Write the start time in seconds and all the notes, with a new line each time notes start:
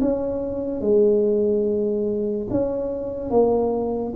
0.00 C#4
0.81 G#3
2.50 C#4
3.30 A#3